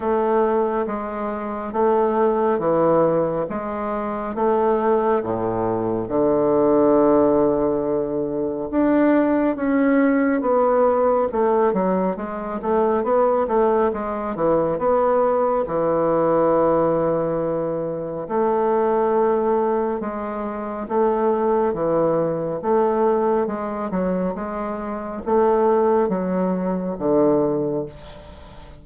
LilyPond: \new Staff \with { instrumentName = "bassoon" } { \time 4/4 \tempo 4 = 69 a4 gis4 a4 e4 | gis4 a4 a,4 d4~ | d2 d'4 cis'4 | b4 a8 fis8 gis8 a8 b8 a8 |
gis8 e8 b4 e2~ | e4 a2 gis4 | a4 e4 a4 gis8 fis8 | gis4 a4 fis4 d4 | }